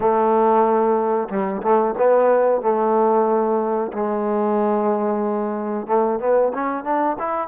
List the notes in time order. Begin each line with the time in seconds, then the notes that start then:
0.00 A3
1.29 G3
1.62 A3
1.97 B3
2.61 A3
3.92 G#3
5.86 A3
6.19 B3
6.54 C#4
6.84 D4
7.19 E4